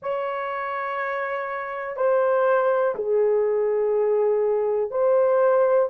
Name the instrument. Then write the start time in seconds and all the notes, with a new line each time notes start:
horn
0.02 C#5
1.96 C5
2.95 G#4
4.90 C5